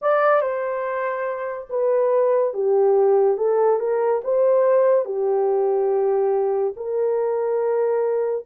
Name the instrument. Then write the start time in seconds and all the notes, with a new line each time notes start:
horn
0.01 D5
0.41 C5
1.69 B4
2.53 G4
3.37 A4
3.79 A#4
4.23 C5
5.05 G4
6.76 A#4